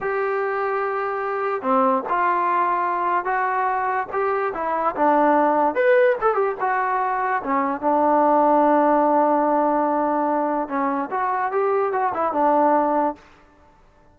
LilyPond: \new Staff \with { instrumentName = "trombone" } { \time 4/4 \tempo 4 = 146 g'1 | c'4 f'2. | fis'2 g'4 e'4 | d'2 b'4 a'8 g'8 |
fis'2 cis'4 d'4~ | d'1~ | d'2 cis'4 fis'4 | g'4 fis'8 e'8 d'2 | }